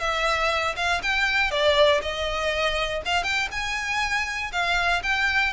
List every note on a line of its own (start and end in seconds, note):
0.00 0.75 E5
0.76 1.01 F5
1.02 1.51 G5
1.51 2.01 D5
2.01 3.01 D#5
3.05 3.23 F5
3.23 3.48 G5
3.51 4.51 G#5
4.52 5.02 F5
5.03 5.52 G5